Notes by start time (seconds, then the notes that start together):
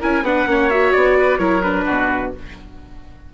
0.00 C#4 E4 A#4 G#5
0.22 B3 D4 B4 F#5
0.46 A#3 C#4 C#5
0.70 F#4 E5
0.92 B3 D5
1.18 B4
1.38 F#3 E4 A#4 C#5
1.62 D4 B4
1.85 B2 F#4